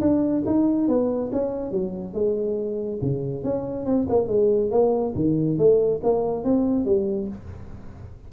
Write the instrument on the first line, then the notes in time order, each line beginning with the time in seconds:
tuba
0.00 D4
0.46 D#4
0.88 B3
1.32 C#4
1.71 F#3
2.13 G#3
3.01 C#3
3.43 C#4
3.85 C4
4.09 A#3
4.27 G#3
4.70 A#3
5.15 D#3
5.58 A3
6.03 A#3
6.44 C4
6.85 G3